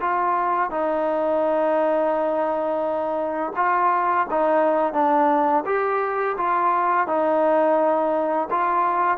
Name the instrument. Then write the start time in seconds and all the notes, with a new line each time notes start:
trombone
0.00 F4
0.70 D#4
3.56 F4
4.30 D#4
4.93 D4
5.65 G4
6.37 F4
7.07 D#4
8.50 F4